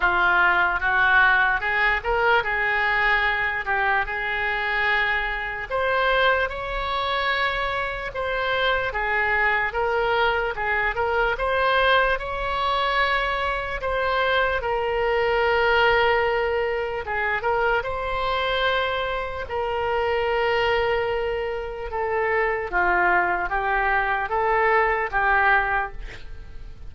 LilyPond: \new Staff \with { instrumentName = "oboe" } { \time 4/4 \tempo 4 = 74 f'4 fis'4 gis'8 ais'8 gis'4~ | gis'8 g'8 gis'2 c''4 | cis''2 c''4 gis'4 | ais'4 gis'8 ais'8 c''4 cis''4~ |
cis''4 c''4 ais'2~ | ais'4 gis'8 ais'8 c''2 | ais'2. a'4 | f'4 g'4 a'4 g'4 | }